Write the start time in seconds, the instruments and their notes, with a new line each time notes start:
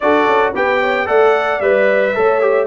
0.00 tuba D4, trombone F#4, horn A4, trumpet D5
0.26 tuba C#4
0.53 tuba B3, trombone G4, horn B4, trumpet G5
0.80 horn C#5
1.06 tuba A3, trombone A4, horn D5, trumpet F#5
1.60 tuba G3, trombone B4, trumpet E5
2.15 tuba A3, trombone A4, horn C#5
2.41 trombone G4